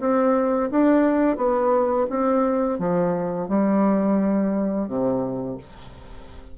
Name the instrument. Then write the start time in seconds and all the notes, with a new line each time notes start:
bassoon
0.00 C4
0.71 D4
1.37 B3
2.10 C4
2.79 F3
3.49 G3
4.87 C3